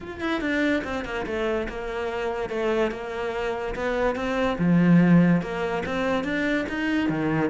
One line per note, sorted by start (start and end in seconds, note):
0.00 0.20 F4
0.20 0.41 E4
0.41 0.82 D4
0.83 1.04 C4
1.04 1.25 A#3
1.26 1.67 A3
1.69 2.49 A#3
2.49 2.91 A3
2.91 3.74 A#3
3.75 4.15 B3
4.15 4.57 C4
4.58 5.41 F3
5.41 5.83 A#3
5.85 6.23 C4
6.23 6.65 D4
6.69 7.09 D#4
7.09 7.49 D#3